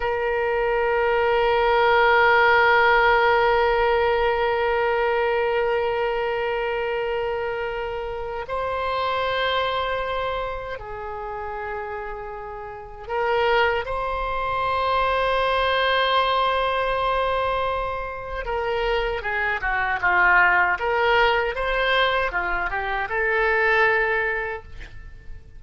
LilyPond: \new Staff \with { instrumentName = "oboe" } { \time 4/4 \tempo 4 = 78 ais'1~ | ais'1~ | ais'2. c''4~ | c''2 gis'2~ |
gis'4 ais'4 c''2~ | c''1 | ais'4 gis'8 fis'8 f'4 ais'4 | c''4 f'8 g'8 a'2 | }